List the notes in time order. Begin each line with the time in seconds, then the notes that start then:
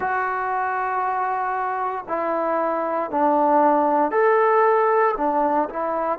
0.00 F#4
2.08 E4
3.10 D4
4.11 A4
5.17 D4
5.69 E4